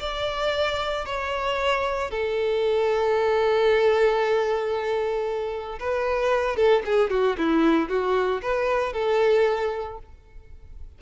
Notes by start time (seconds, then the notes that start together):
0.00 D5
1.06 C#5
2.11 A4
5.79 B4
6.56 A4
6.86 G#4
7.10 F#4
7.38 E4
7.89 F#4
8.42 B4
8.93 A4